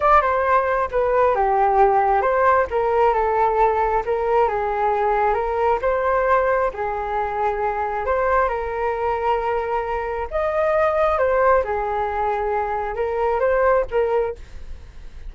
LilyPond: \new Staff \with { instrumentName = "flute" } { \time 4/4 \tempo 4 = 134 d''8 c''4. b'4 g'4~ | g'4 c''4 ais'4 a'4~ | a'4 ais'4 gis'2 | ais'4 c''2 gis'4~ |
gis'2 c''4 ais'4~ | ais'2. dis''4~ | dis''4 c''4 gis'2~ | gis'4 ais'4 c''4 ais'4 | }